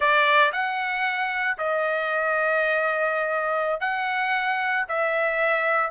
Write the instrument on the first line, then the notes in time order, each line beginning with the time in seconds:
trumpet
0.00 D5
0.52 F#5
1.58 D#5
3.80 F#5
4.88 E5